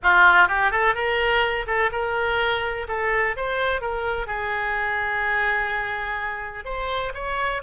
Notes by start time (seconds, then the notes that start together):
0.02 F4
0.47 G4
0.71 A4
0.94 A#4
1.66 A4
1.92 A#4
2.88 A4
3.36 C5
3.81 A#4
4.27 G#4
6.65 C5
7.14 C#5